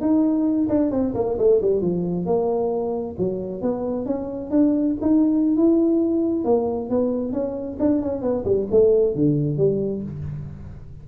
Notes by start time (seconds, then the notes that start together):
0.00 D#4
0.68 D4
0.91 C4
1.14 A#3
1.38 A3
1.61 G3
1.81 F3
2.25 A#3
3.18 F#3
3.61 B3
4.05 C#4
4.50 D4
5.01 D#4
5.56 E4
6.44 A#3
6.89 B3
7.32 C#4
7.79 D4
8.02 C#4
8.21 B3
8.44 G3
8.70 A3
9.15 D3
9.57 G3